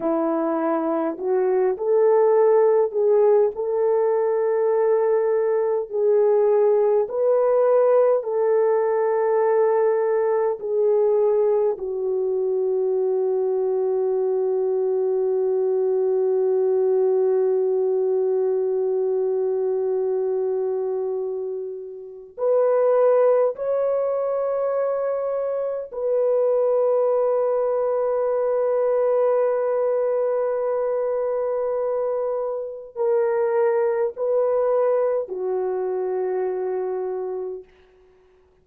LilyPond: \new Staff \with { instrumentName = "horn" } { \time 4/4 \tempo 4 = 51 e'4 fis'8 a'4 gis'8 a'4~ | a'4 gis'4 b'4 a'4~ | a'4 gis'4 fis'2~ | fis'1~ |
fis'2. b'4 | cis''2 b'2~ | b'1 | ais'4 b'4 fis'2 | }